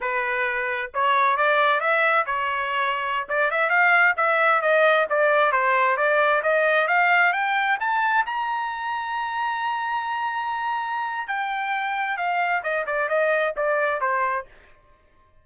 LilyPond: \new Staff \with { instrumentName = "trumpet" } { \time 4/4 \tempo 4 = 133 b'2 cis''4 d''4 | e''4 cis''2~ cis''16 d''8 e''16~ | e''16 f''4 e''4 dis''4 d''8.~ | d''16 c''4 d''4 dis''4 f''8.~ |
f''16 g''4 a''4 ais''4.~ ais''16~ | ais''1~ | ais''4 g''2 f''4 | dis''8 d''8 dis''4 d''4 c''4 | }